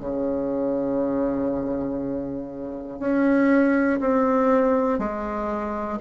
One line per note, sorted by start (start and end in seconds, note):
0.00 3.00 C#3
3.00 4.00 C#4
4.00 4.99 C4
4.99 5.99 G#3